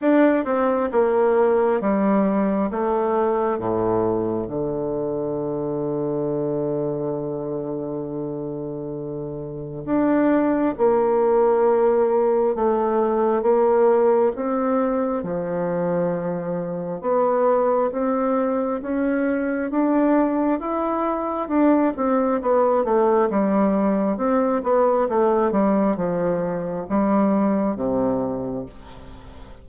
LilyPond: \new Staff \with { instrumentName = "bassoon" } { \time 4/4 \tempo 4 = 67 d'8 c'8 ais4 g4 a4 | a,4 d2.~ | d2. d'4 | ais2 a4 ais4 |
c'4 f2 b4 | c'4 cis'4 d'4 e'4 | d'8 c'8 b8 a8 g4 c'8 b8 | a8 g8 f4 g4 c4 | }